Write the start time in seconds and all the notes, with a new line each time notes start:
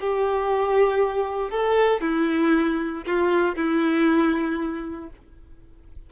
0.00 G4
1.50 A4
2.00 E4
3.06 F4
3.55 E4